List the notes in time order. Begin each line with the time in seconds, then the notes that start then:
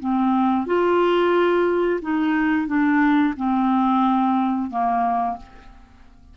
0.00 C4
0.67 F4
2.02 D#4
2.68 D4
3.37 C4
4.71 A#3